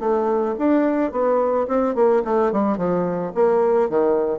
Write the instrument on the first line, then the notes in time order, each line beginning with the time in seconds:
bassoon
0.00 A3
0.59 D4
1.12 B3
1.68 C4
1.95 A#3
2.25 A3
2.52 G3
2.77 F3
3.35 A#3
3.89 D#3